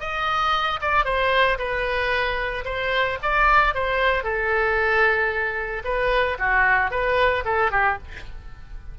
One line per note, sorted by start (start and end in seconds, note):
0.00 0.80 D#5
0.81 1.05 D5
1.05 1.58 C5
1.58 2.65 B4
2.65 3.18 C5
3.22 3.74 D5
3.74 4.23 C5
4.23 5.83 A4
5.84 6.37 B4
6.39 6.91 F#4
6.91 7.44 B4
7.45 7.71 A4
7.71 7.98 G4